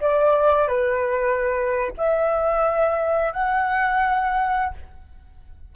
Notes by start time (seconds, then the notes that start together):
0.00 D5
0.67 B4
1.97 E5
3.32 F#5